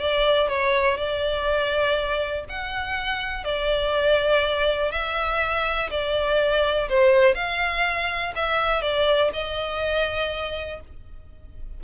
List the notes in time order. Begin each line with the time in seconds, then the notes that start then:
0.00 D5
0.48 C#5
0.98 D5
2.49 F#5
3.44 D5
4.92 E5
5.91 D5
6.89 C5
7.35 F5
8.35 E5
8.82 D5
9.33 D#5